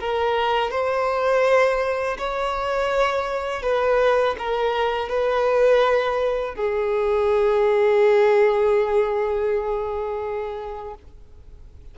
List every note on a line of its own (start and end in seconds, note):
0.00 0.71 A#4
0.71 2.17 C5
2.18 3.63 C#5
3.63 4.36 B4
4.38 5.09 A#4
5.09 6.55 B4
6.55 10.94 G#4